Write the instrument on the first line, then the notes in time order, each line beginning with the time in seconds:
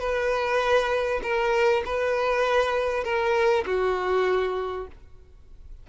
violin
0.00 B4
1.23 A#4
1.85 B4
3.04 A#4
3.66 F#4